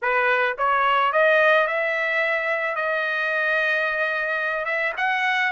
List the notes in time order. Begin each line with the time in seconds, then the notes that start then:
0.02 B4
0.58 C#5
1.12 D#5
1.67 E5
2.75 D#5
4.65 E5
4.97 F#5